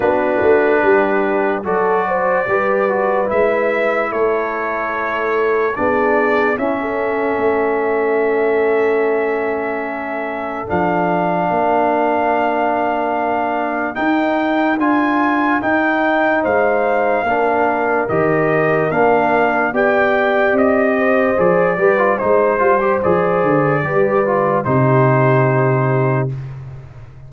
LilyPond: <<
  \new Staff \with { instrumentName = "trumpet" } { \time 4/4 \tempo 4 = 73 b'2 d''2 | e''4 cis''2 d''4 | e''1~ | e''4 f''2.~ |
f''4 g''4 gis''4 g''4 | f''2 dis''4 f''4 | g''4 dis''4 d''4 c''4 | d''2 c''2 | }
  \new Staff \with { instrumentName = "horn" } { \time 4/4 fis'4 g'4 a'8 c''8 b'4~ | b'4 a'2 gis'4 | e'16 a'2.~ a'8.~ | a'2 ais'2~ |
ais'1 | c''4 ais'2. | d''4. c''4 b'8 c''4~ | c''4 b'4 g'2 | }
  \new Staff \with { instrumentName = "trombone" } { \time 4/4 d'2 fis'4 g'8 fis'8 | e'2. d'4 | cis'1~ | cis'4 d'2.~ |
d'4 dis'4 f'4 dis'4~ | dis'4 d'4 g'4 d'4 | g'2 gis'8 g'16 f'16 dis'8 f'16 g'16 | gis'4 g'8 f'8 dis'2 | }
  \new Staff \with { instrumentName = "tuba" } { \time 4/4 b8 a8 g4 fis4 g4 | gis4 a2 b4 | cis'4 a2.~ | a4 f4 ais2~ |
ais4 dis'4 d'4 dis'4 | gis4 ais4 dis4 ais4 | b4 c'4 f8 g8 gis8 g8 | f8 d8 g4 c2 | }
>>